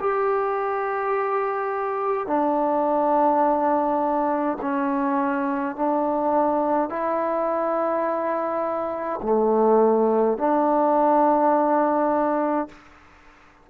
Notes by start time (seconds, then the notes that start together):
0.00 G4
2.27 D4
4.61 C#4
5.75 D4
6.89 E4
9.22 A3
10.37 D4